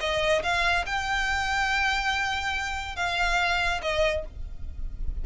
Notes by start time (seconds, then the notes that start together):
0.00 D#5
0.43 F5
0.86 G5
2.96 F5
3.82 D#5